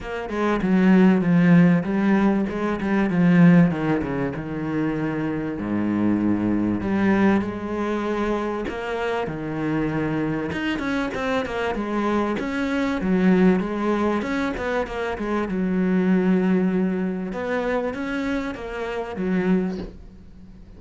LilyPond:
\new Staff \with { instrumentName = "cello" } { \time 4/4 \tempo 4 = 97 ais8 gis8 fis4 f4 g4 | gis8 g8 f4 dis8 cis8 dis4~ | dis4 gis,2 g4 | gis2 ais4 dis4~ |
dis4 dis'8 cis'8 c'8 ais8 gis4 | cis'4 fis4 gis4 cis'8 b8 | ais8 gis8 fis2. | b4 cis'4 ais4 fis4 | }